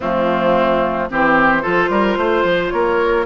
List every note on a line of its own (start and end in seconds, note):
0.00 1.10 F3
0.00 1.10 A3
0.00 1.09 C4
0.00 1.10 F4
1.10 1.65 E3
1.10 1.62 C4
1.10 1.62 G4
1.10 2.70 C5
1.62 1.89 F3
1.62 3.26 F4
1.62 1.89 A4
1.89 2.17 G3
1.89 2.18 A#4
2.17 2.44 A3
2.17 2.73 C5
2.44 2.71 F3
2.70 3.26 A#3
2.70 3.26 A#4
2.70 3.24 C#5